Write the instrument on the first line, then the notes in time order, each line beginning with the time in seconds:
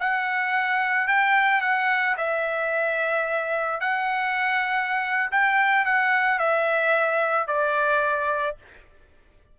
trumpet
0.00 F#5
1.08 G5
1.61 F#5
2.17 E5
3.81 F#5
5.31 G5
5.85 F#5
6.39 E5
7.47 D5